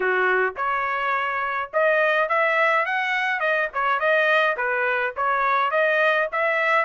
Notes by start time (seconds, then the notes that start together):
0.00 F#4
0.56 C#5
1.73 D#5
2.28 E5
2.85 F#5
3.39 D#5
3.73 C#5
3.99 D#5
4.56 B4
5.16 C#5
5.71 D#5
6.32 E5